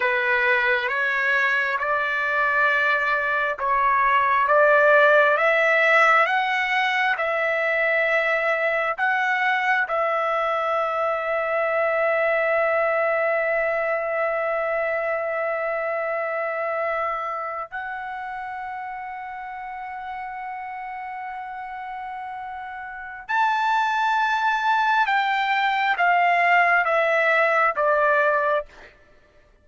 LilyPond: \new Staff \with { instrumentName = "trumpet" } { \time 4/4 \tempo 4 = 67 b'4 cis''4 d''2 | cis''4 d''4 e''4 fis''4 | e''2 fis''4 e''4~ | e''1~ |
e''2.~ e''8. fis''16~ | fis''1~ | fis''2 a''2 | g''4 f''4 e''4 d''4 | }